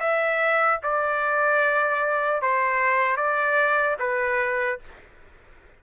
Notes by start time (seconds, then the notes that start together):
0.00 E5
0.83 D5
2.42 C5
3.17 D5
3.99 B4